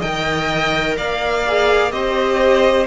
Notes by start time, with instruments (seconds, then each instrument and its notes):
0.00 cello D#3, viola A#4, violin D#5 G5
0.98 cello A#3, violin D5 F5
1.48 viola G#4
1.91 cello C4, viola G4, violin C5 D#5